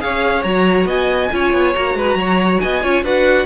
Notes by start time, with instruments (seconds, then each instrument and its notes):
0.00 cello C#4, viola G#4, violin C#5 F5
0.43 cello F#3, viola F#4, violin A#5
0.85 cello B3, violin D#5 G#5
1.32 cello C#4, viola F4, violin C#5
1.53 cello B3
1.75 cello A#3, viola F#4, violin A#5
1.95 cello G#3, violin B4
2.15 cello F#3, violin C#5
2.60 cello B3, violin D#5 G#5
2.83 cello C#4, viola F4, violin C#5
3.03 cello D4, viola F#4, violin B4 F#5